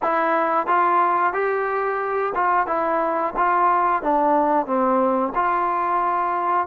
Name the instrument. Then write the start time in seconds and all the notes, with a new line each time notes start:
trombone
0.02 E4
0.67 F4
1.33 G4
2.35 F4
2.66 E4
3.36 F4
4.02 D4
4.66 C4
5.35 F4